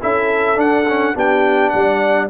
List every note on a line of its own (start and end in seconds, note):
0.00 0.57 C#4
0.00 0.55 E4
0.00 1.14 A4
0.00 0.59 E5
0.55 0.84 D4
0.55 1.14 D4
0.55 1.17 F#5
0.88 1.14 C#4
1.14 1.73 B3
1.14 2.28 D4
1.14 1.71 G4
1.14 1.69 G5
1.69 2.29 G3
1.69 2.29 D5
1.69 2.26 F#5